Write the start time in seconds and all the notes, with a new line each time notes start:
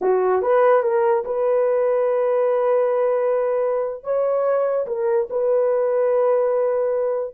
0.01 F#4
0.41 B4
0.82 A#4
1.25 B4
4.03 C#5
4.87 A#4
5.30 B4